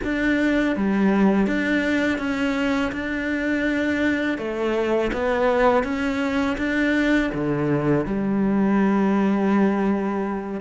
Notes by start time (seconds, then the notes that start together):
0.04 D4
0.75 G3
1.46 D4
2.18 C#4
2.91 D4
4.38 A3
5.12 B3
5.83 C#4
6.57 D4
7.34 D3
8.05 G3